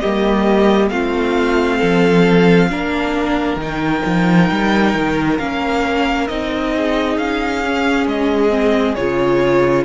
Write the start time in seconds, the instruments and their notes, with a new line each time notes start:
0.00 cello G3, viola A#3, violin G4 D#5
0.89 cello A3, viola C4, violin F4 F5
1.78 cello F3, violin A4
2.70 cello A#3, viola D4, violin A#4
3.57 cello D#3, viola D#4, violin G5
4.06 cello F3
4.51 cello G3
4.94 cello D#3
5.39 cello A#3, viola C#4, violin F5
6.28 cello C4, viola D#4, violin D#5
6.76 violin G#4
7.18 cello C#4, violin F5
7.66 viola C#4
8.07 cello G#3, violin D#5
8.50 viola C4
8.95 cello C#3, viola F4, violin C#5